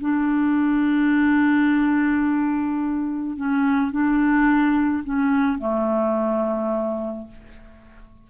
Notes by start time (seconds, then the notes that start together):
0.00 D4
3.36 C#4
3.91 D4
5.03 C#4
5.58 A3